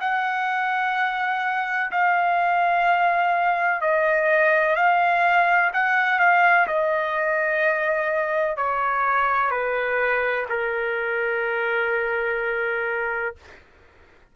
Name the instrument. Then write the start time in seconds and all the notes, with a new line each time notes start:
trumpet
0.00 F#5
1.91 F5
3.81 D#5
4.76 F5
5.73 F#5
6.19 F5
6.67 D#5
8.57 C#5
9.51 B4
10.49 A#4